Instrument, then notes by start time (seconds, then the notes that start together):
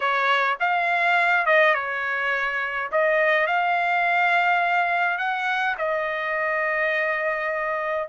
trumpet
0.00 C#5
0.60 F5
1.46 D#5
1.74 C#5
2.91 D#5
3.46 F5
5.18 F#5
5.78 D#5